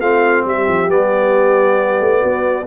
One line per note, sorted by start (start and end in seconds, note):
0.00 0.44 A3
0.00 0.89 C4
0.00 0.45 F4
0.00 0.44 F5
0.45 0.67 G3
0.45 2.20 G4
0.45 0.90 E5
0.68 0.88 F3
0.88 2.00 G3
0.88 2.66 B3
0.88 2.67 D5
2.00 2.22 A3
2.20 2.67 B3
2.20 2.65 F#4